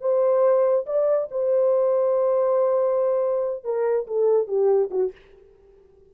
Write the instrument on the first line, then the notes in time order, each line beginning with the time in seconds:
horn
0.00 C5
0.86 D5
1.31 C5
3.64 A#4
4.07 A4
4.47 G4
4.90 F#4